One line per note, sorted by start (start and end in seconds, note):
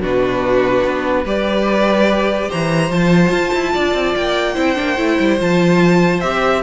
0.00 0.83 B2
0.00 1.25 D4
0.00 1.24 F#4
0.00 1.27 B4
0.84 1.25 B3
1.24 2.49 G3
1.24 2.91 G4
1.24 2.48 B4
1.24 2.51 D5
2.48 2.90 E3
2.48 3.72 C5
2.48 2.91 A#5
2.90 3.31 F3
2.90 4.55 F4
2.90 4.15 A5
3.31 3.51 F4
3.54 3.75 E4
3.73 3.94 D4
3.73 4.54 D5
3.94 4.15 C4
4.15 4.56 A#3
4.15 5.39 G5
4.54 4.77 C4
4.54 4.75 E4
4.54 6.61 C5
4.75 4.98 A#3
4.75 4.96 D4
4.97 5.18 A3
4.97 5.39 E4
5.19 5.40 G3
5.39 6.23 F3
5.39 6.21 F4
5.39 6.20 A5
6.20 6.63 C4
6.20 6.63 G4
6.20 6.62 E5